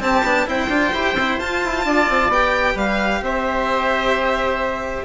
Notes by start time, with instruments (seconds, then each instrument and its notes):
0.00 cello C4, bassoon C4, oboe G4, violin A5
0.23 bassoon B3, cello D4
0.47 bassoon C4, cello E4, oboe C5, violin G5
0.69 bassoon D4, cello F4
0.93 bassoon E4, cello G4
1.14 bassoon C4, cello E4
1.39 cello F4, bassoon F4, violin A5
1.64 bassoon E4
1.85 bassoon D4, oboe D5
2.09 bassoon C4
2.29 bassoon B3, cello G4, violin G5
2.74 bassoon G3, oboe B4, violin F5
3.21 bassoon C4, oboe C5, violin E5